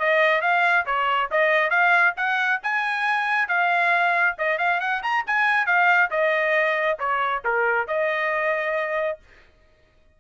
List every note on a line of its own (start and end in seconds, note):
0.00 0.42 D#5
0.42 0.86 F5
0.86 1.30 C#5
1.31 1.71 D#5
1.71 2.14 F5
2.17 2.61 F#5
2.64 3.49 G#5
3.49 4.36 F5
4.39 4.59 D#5
4.59 4.81 F5
4.81 5.03 F#5
5.03 5.25 A#5
5.27 5.67 G#5
5.67 6.11 F5
6.11 6.99 D#5
6.99 7.43 C#5
7.45 7.88 A#4
7.88 9.19 D#5